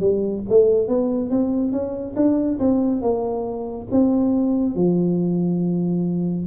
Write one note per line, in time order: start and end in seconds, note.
0.00 0.43 G3
0.49 0.88 A3
0.88 1.30 B3
1.30 1.72 C4
1.72 2.15 C#4
2.16 2.59 D4
2.59 3.02 C4
3.02 3.87 A#3
3.92 4.75 C4
4.75 6.47 F3